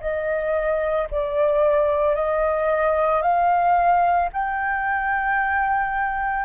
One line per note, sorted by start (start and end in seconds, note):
0.00 1.07 D#5
1.11 2.15 D5
2.15 3.21 D#5
3.21 4.29 F5
4.32 6.45 G5